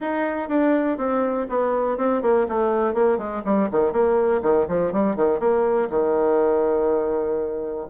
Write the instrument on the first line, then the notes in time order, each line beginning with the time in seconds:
bassoon
0.00 D#4
0.49 D4
0.97 C4
1.49 B3
1.97 C4
2.22 A#3
2.48 A3
2.94 A#3
3.17 G#3
3.44 G3
3.71 D#3
3.92 A#3
4.42 D#3
4.67 F3
4.92 G3
5.15 D#3
5.39 A#3
5.90 D#3